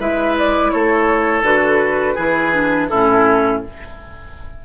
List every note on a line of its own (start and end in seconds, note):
0.00 0.72 G#3
0.00 1.44 E4
0.00 0.72 B4
0.00 0.37 E5
0.39 0.71 D5
0.71 1.43 A3
0.71 2.15 A4
0.71 1.44 C#5
1.43 2.15 D3
1.43 2.17 F#4
1.43 2.89 B4
2.15 2.91 E3
2.15 2.53 E4
2.15 2.87 G#4
2.53 2.90 D4
2.89 3.65 A2
2.89 3.64 C#4
2.89 3.63 E4
2.89 3.61 A4